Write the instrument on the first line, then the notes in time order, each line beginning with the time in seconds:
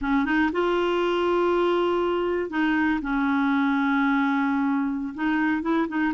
clarinet
0.01 C#4
0.25 D#4
0.52 F4
2.50 D#4
3.01 C#4
5.14 D#4
5.62 E4
5.88 D#4